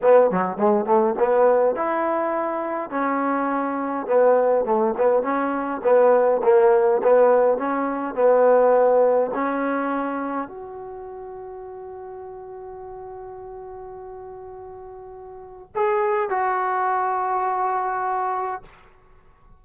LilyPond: \new Staff \with { instrumentName = "trombone" } { \time 4/4 \tempo 4 = 103 b8 fis8 gis8 a8 b4 e'4~ | e'4 cis'2 b4 | a8 b8 cis'4 b4 ais4 | b4 cis'4 b2 |
cis'2 fis'2~ | fis'1~ | fis'2. gis'4 | fis'1 | }